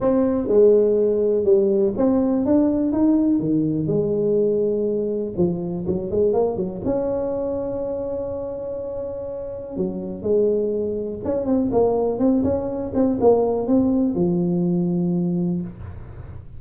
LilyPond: \new Staff \with { instrumentName = "tuba" } { \time 4/4 \tempo 4 = 123 c'4 gis2 g4 | c'4 d'4 dis'4 dis4 | gis2. f4 | fis8 gis8 ais8 fis8 cis'2~ |
cis'1 | fis4 gis2 cis'8 c'8 | ais4 c'8 cis'4 c'8 ais4 | c'4 f2. | }